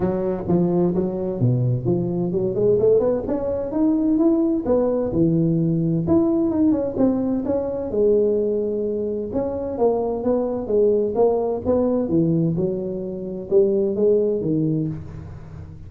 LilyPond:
\new Staff \with { instrumentName = "tuba" } { \time 4/4 \tempo 4 = 129 fis4 f4 fis4 b,4 | f4 fis8 gis8 a8 b8 cis'4 | dis'4 e'4 b4 e4~ | e4 e'4 dis'8 cis'8 c'4 |
cis'4 gis2. | cis'4 ais4 b4 gis4 | ais4 b4 e4 fis4~ | fis4 g4 gis4 dis4 | }